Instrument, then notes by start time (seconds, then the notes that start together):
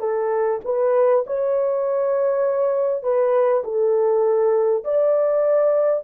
horn
0.00 A4
0.65 B4
1.27 C#5
3.04 B4
3.64 A4
4.85 D5